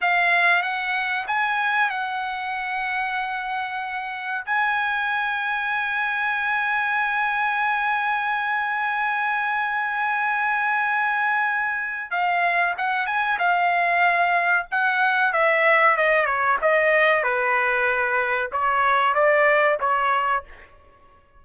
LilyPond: \new Staff \with { instrumentName = "trumpet" } { \time 4/4 \tempo 4 = 94 f''4 fis''4 gis''4 fis''4~ | fis''2. gis''4~ | gis''1~ | gis''1~ |
gis''2. f''4 | fis''8 gis''8 f''2 fis''4 | e''4 dis''8 cis''8 dis''4 b'4~ | b'4 cis''4 d''4 cis''4 | }